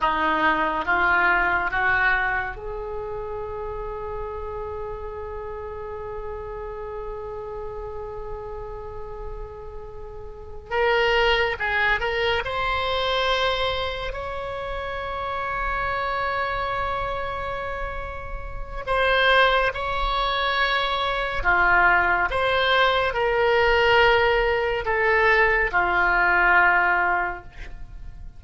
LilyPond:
\new Staff \with { instrumentName = "oboe" } { \time 4/4 \tempo 4 = 70 dis'4 f'4 fis'4 gis'4~ | gis'1~ | gis'1~ | gis'8 ais'4 gis'8 ais'8 c''4.~ |
c''8 cis''2.~ cis''8~ | cis''2 c''4 cis''4~ | cis''4 f'4 c''4 ais'4~ | ais'4 a'4 f'2 | }